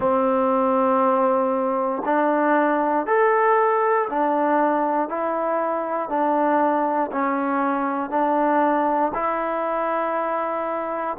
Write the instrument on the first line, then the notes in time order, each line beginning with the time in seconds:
trombone
0.00 C4
2.05 D4
3.06 A4
4.09 D4
5.08 E4
6.09 D4
7.12 C#4
8.10 D4
9.13 E4